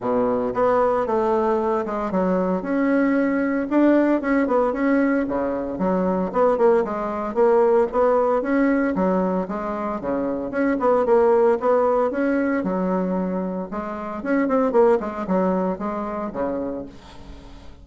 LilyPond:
\new Staff \with { instrumentName = "bassoon" } { \time 4/4 \tempo 4 = 114 b,4 b4 a4. gis8 | fis4 cis'2 d'4 | cis'8 b8 cis'4 cis4 fis4 | b8 ais8 gis4 ais4 b4 |
cis'4 fis4 gis4 cis4 | cis'8 b8 ais4 b4 cis'4 | fis2 gis4 cis'8 c'8 | ais8 gis8 fis4 gis4 cis4 | }